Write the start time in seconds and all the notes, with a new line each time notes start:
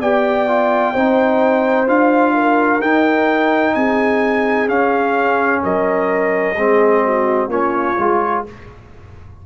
0.00 B3 G4 D5 G5
0.48 F4
0.93 C4 D#4 C5
1.87 D4 F4 F5
2.34 A#4
2.81 D#4 G5
3.75 C4 G#4 G#5
4.68 C#4 F5
5.63 F#3 A#4 D#5
6.56 G#3 C4 G#4
7.04 F#4
7.48 A#3 C#4 F4 C#5
7.98 G#3 F4